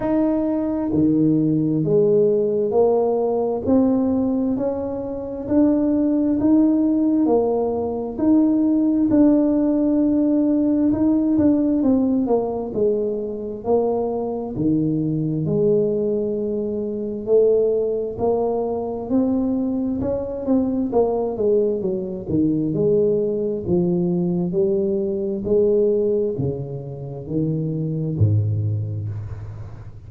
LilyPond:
\new Staff \with { instrumentName = "tuba" } { \time 4/4 \tempo 4 = 66 dis'4 dis4 gis4 ais4 | c'4 cis'4 d'4 dis'4 | ais4 dis'4 d'2 | dis'8 d'8 c'8 ais8 gis4 ais4 |
dis4 gis2 a4 | ais4 c'4 cis'8 c'8 ais8 gis8 | fis8 dis8 gis4 f4 g4 | gis4 cis4 dis4 gis,4 | }